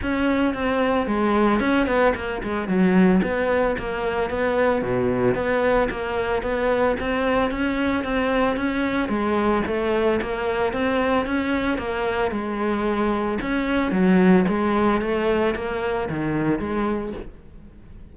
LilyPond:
\new Staff \with { instrumentName = "cello" } { \time 4/4 \tempo 4 = 112 cis'4 c'4 gis4 cis'8 b8 | ais8 gis8 fis4 b4 ais4 | b4 b,4 b4 ais4 | b4 c'4 cis'4 c'4 |
cis'4 gis4 a4 ais4 | c'4 cis'4 ais4 gis4~ | gis4 cis'4 fis4 gis4 | a4 ais4 dis4 gis4 | }